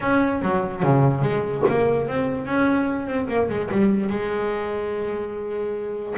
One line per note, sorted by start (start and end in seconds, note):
0.01 0.42 C#4
0.42 0.83 F#3
0.83 1.22 C#3
1.22 1.63 G#3
1.68 2.07 A#3
2.07 2.46 C4
2.46 3.07 C#4
3.07 3.27 C4
3.28 3.48 A#3
3.49 3.69 G#3
3.71 4.09 G3
4.09 6.15 G#3